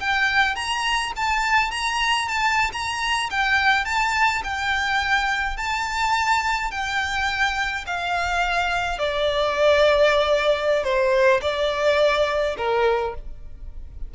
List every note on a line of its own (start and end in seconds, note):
0.00 0.55 G5
0.55 1.12 A#5
1.16 1.71 A5
1.71 2.28 A#5
2.28 2.71 A5
2.73 3.30 A#5
3.30 3.85 G5
3.85 4.42 A5
4.44 5.57 G5
5.57 6.71 A5
6.71 7.85 G5
7.87 8.99 F5
8.99 10.84 D5
10.84 11.41 C5
11.42 12.56 D5
12.57 13.15 A#4